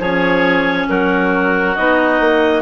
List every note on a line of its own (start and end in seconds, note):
0.00 0.87 F3
0.00 1.77 C#4
0.00 0.87 G#4
0.00 0.89 C#5
0.89 1.76 F#3
0.89 2.62 F#4
0.89 1.76 A#4
1.76 2.20 B3
1.76 2.62 D#4
1.76 2.62 D#5
2.20 2.62 A#3